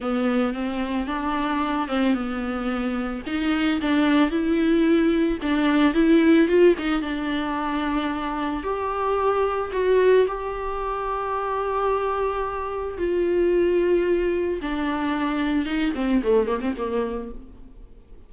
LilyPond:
\new Staff \with { instrumentName = "viola" } { \time 4/4 \tempo 4 = 111 b4 c'4 d'4. c'8 | b2 dis'4 d'4 | e'2 d'4 e'4 | f'8 dis'8 d'2. |
g'2 fis'4 g'4~ | g'1 | f'2. d'4~ | d'4 dis'8 c'8 a8 ais16 c'16 ais4 | }